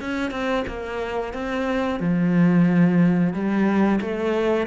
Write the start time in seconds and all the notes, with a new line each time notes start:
0.00 C#4
0.31 C4
0.67 A#3
1.33 C4
2.00 F3
3.33 G3
4.01 A3